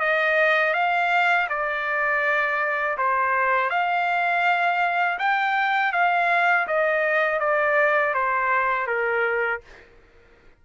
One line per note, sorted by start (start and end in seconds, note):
0.00 0.74 D#5
0.74 1.48 F5
1.49 2.98 D5
2.98 3.70 C5
3.70 5.19 F5
5.19 5.93 G5
5.93 6.67 F5
6.68 7.40 D#5
7.40 8.14 D5
8.14 8.87 C5
8.87 9.61 A#4